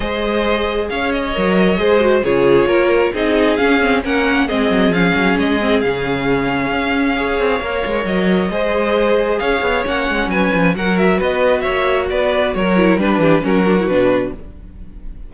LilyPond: <<
  \new Staff \with { instrumentName = "violin" } { \time 4/4 \tempo 4 = 134 dis''2 f''8 dis''4.~ | dis''4 cis''2 dis''4 | f''4 fis''4 dis''4 f''4 | dis''4 f''2.~ |
f''2 dis''2~ | dis''4 f''4 fis''4 gis''4 | fis''8 e''8 dis''4 e''4 d''4 | cis''4 b'4 ais'4 b'4 | }
  \new Staff \with { instrumentName = "violin" } { \time 4/4 c''2 cis''2 | c''4 gis'4 ais'4 gis'4~ | gis'4 ais'4 gis'2~ | gis'1 |
cis''2. c''4~ | c''4 cis''2 b'4 | ais'4 b'4 cis''4 b'4 | ais'4 b'8 g'8 fis'2 | }
  \new Staff \with { instrumentName = "viola" } { \time 4/4 gis'2. ais'4 | gis'8 fis'8 f'2 dis'4 | cis'8 c'8 cis'4 c'4 cis'4~ | cis'8 c'8 cis'2. |
gis'4 ais'2 gis'4~ | gis'2 cis'2 | fis'1~ | fis'8 e'8 d'4 cis'8 d'16 e'16 d'4 | }
  \new Staff \with { instrumentName = "cello" } { \time 4/4 gis2 cis'4 fis4 | gis4 cis4 ais4 c'4 | cis'4 ais4 gis8 fis8 f8 fis8 | gis4 cis2 cis'4~ |
cis'8 c'8 ais8 gis8 fis4 gis4~ | gis4 cis'8 b8 ais8 gis8 fis8 f8 | fis4 b4 ais4 b4 | fis4 g8 e8 fis4 b,4 | }
>>